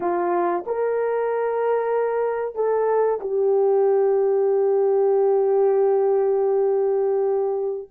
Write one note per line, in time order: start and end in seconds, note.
0.00 0.64 F4
0.66 2.55 A#4
2.55 3.19 A4
3.20 7.88 G4